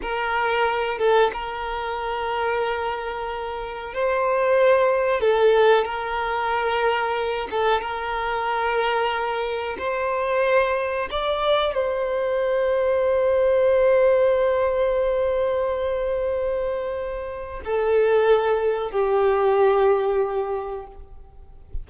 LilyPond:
\new Staff \with { instrumentName = "violin" } { \time 4/4 \tempo 4 = 92 ais'4. a'8 ais'2~ | ais'2 c''2 | a'4 ais'2~ ais'8 a'8 | ais'2. c''4~ |
c''4 d''4 c''2~ | c''1~ | c''2. a'4~ | a'4 g'2. | }